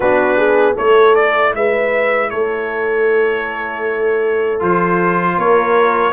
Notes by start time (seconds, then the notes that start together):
0.00 B3 D4 F#4 B4
0.36 G#4
0.75 A3 E4 A4 C#5
1.15 D5
1.54 G#3 B4 E5
2.29 A3 A4 C#5
4.59 F3 F4 C5
5.37 A#3 A#4 C#5